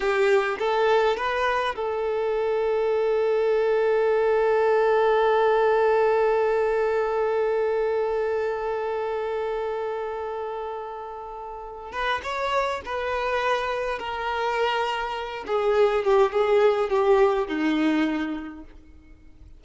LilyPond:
\new Staff \with { instrumentName = "violin" } { \time 4/4 \tempo 4 = 103 g'4 a'4 b'4 a'4~ | a'1~ | a'1~ | a'1~ |
a'1~ | a'8 b'8 cis''4 b'2 | ais'2~ ais'8 gis'4 g'8 | gis'4 g'4 dis'2 | }